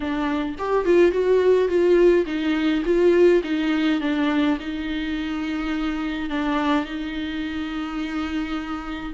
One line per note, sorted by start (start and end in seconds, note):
0.00 0.55 D4
0.58 0.85 G4
0.85 1.11 F4
1.11 1.68 F#4
1.68 2.25 F4
2.26 2.83 D#4
2.85 3.42 F4
3.43 4.00 D#4
4.00 4.57 D4
4.59 6.29 D#4
6.29 6.84 D4
6.84 9.13 D#4